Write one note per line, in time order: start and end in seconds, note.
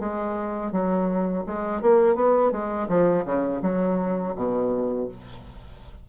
0.00 0.72 G#3
0.72 1.45 F#3
1.47 1.82 G#3
1.82 2.16 A#3
2.16 2.52 B3
2.52 2.88 G#3
2.89 3.25 F3
3.25 3.61 C#3
3.62 4.35 F#3
4.36 5.08 B2